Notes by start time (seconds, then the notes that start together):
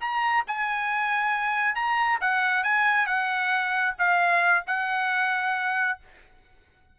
0.00 A#5
0.47 G#5
1.75 A#5
2.20 F#5
2.63 G#5
3.06 F#5
3.98 F5
4.66 F#5